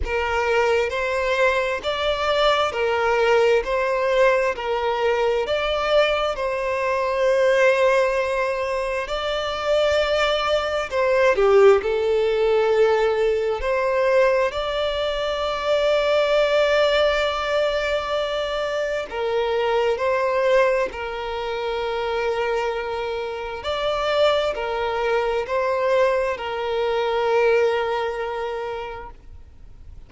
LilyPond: \new Staff \with { instrumentName = "violin" } { \time 4/4 \tempo 4 = 66 ais'4 c''4 d''4 ais'4 | c''4 ais'4 d''4 c''4~ | c''2 d''2 | c''8 g'8 a'2 c''4 |
d''1~ | d''4 ais'4 c''4 ais'4~ | ais'2 d''4 ais'4 | c''4 ais'2. | }